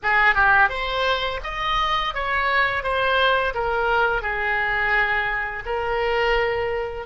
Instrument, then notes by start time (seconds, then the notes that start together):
oboe
0.02 G#4
0.35 G4
0.69 C5
1.43 D#5
2.14 C#5
2.83 C5
3.54 A#4
4.22 G#4
5.65 A#4